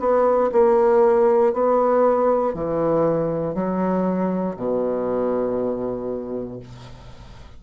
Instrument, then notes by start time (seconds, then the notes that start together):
bassoon
0.00 B3
0.52 A#3
1.53 B3
2.54 E3
3.55 F#3
4.57 B2